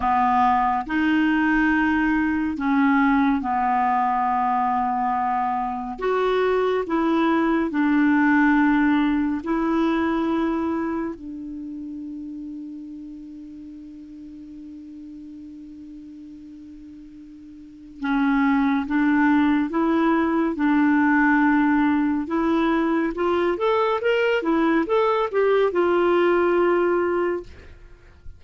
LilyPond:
\new Staff \with { instrumentName = "clarinet" } { \time 4/4 \tempo 4 = 70 b4 dis'2 cis'4 | b2. fis'4 | e'4 d'2 e'4~ | e'4 d'2.~ |
d'1~ | d'4 cis'4 d'4 e'4 | d'2 e'4 f'8 a'8 | ais'8 e'8 a'8 g'8 f'2 | }